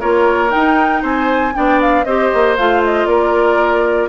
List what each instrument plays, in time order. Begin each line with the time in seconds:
0.00 bassoon A#3, clarinet F4, oboe A#4, flute C#5
0.50 clarinet D#4, bassoon D#4, flute G5
1.02 bassoon C4, oboe C5, flute G#5
1.54 bassoon B3, clarinet D4, oboe D5, flute G5
1.81 flute F5
2.04 bassoon C4, clarinet G4, oboe C5, flute D#5
2.34 bassoon A#3
2.57 bassoon A3, clarinet F4, flute F5
2.84 flute D#5
3.05 bassoon A#3, oboe A#4, flute D5